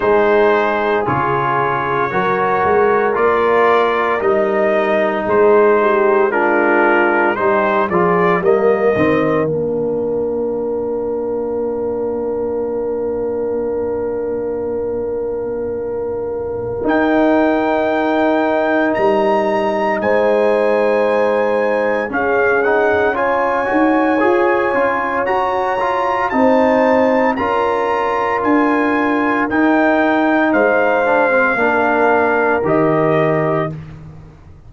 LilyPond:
<<
  \new Staff \with { instrumentName = "trumpet" } { \time 4/4 \tempo 4 = 57 c''4 cis''2 d''4 | dis''4 c''4 ais'4 c''8 d''8 | dis''4 f''2.~ | f''1 |
g''2 ais''4 gis''4~ | gis''4 f''8 fis''8 gis''2 | ais''4 a''4 ais''4 gis''4 | g''4 f''2 dis''4 | }
  \new Staff \with { instrumentName = "horn" } { \time 4/4 gis'2 ais'2~ | ais'4 gis'8 g'8 f'4 g'8 gis'8 | ais'1~ | ais'1~ |
ais'2. c''4~ | c''4 gis'4 cis''2~ | cis''4 c''4 ais'2~ | ais'4 c''4 ais'2 | }
  \new Staff \with { instrumentName = "trombone" } { \time 4/4 dis'4 f'4 fis'4 f'4 | dis'2 d'4 dis'8 f'8 | ais8 c'8 d'2.~ | d'1 |
dis'1~ | dis'4 cis'8 dis'8 f'8 fis'8 gis'8 f'8 | fis'8 f'8 dis'4 f'2 | dis'4. d'16 c'16 d'4 g'4 | }
  \new Staff \with { instrumentName = "tuba" } { \time 4/4 gis4 cis4 fis8 gis8 ais4 | g4 gis2 g8 f8 | g8 dis8 ais2.~ | ais1 |
dis'2 g4 gis4~ | gis4 cis'4. dis'8 f'8 cis'8 | fis'4 c'4 cis'4 d'4 | dis'4 gis4 ais4 dis4 | }
>>